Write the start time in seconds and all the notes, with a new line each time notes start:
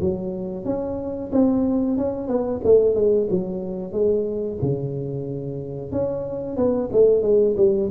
0.00 F#3
0.64 C#4
1.32 C4
1.97 C#4
2.27 B3
2.64 A3
2.95 G#3
3.30 F#3
3.92 G#3
4.62 C#3
5.92 C#4
6.56 B3
6.92 A3
7.22 G#3
7.56 G3